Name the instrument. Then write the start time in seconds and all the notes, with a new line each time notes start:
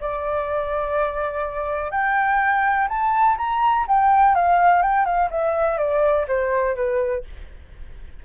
flute
0.00 D5
1.90 G5
2.88 A5
3.37 A#5
3.88 G5
4.34 F5
4.82 G5
5.05 F5
5.30 E5
5.77 D5
6.27 C5
6.75 B4